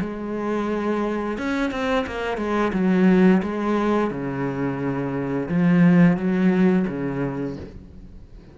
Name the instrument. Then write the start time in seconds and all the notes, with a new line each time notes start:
cello
0.00 G#3
1.37 C#4
1.71 C4
2.06 A#3
2.37 G#3
2.73 F#3
3.42 G#3
4.10 C#3
5.49 F3
6.17 F#3
6.87 C#3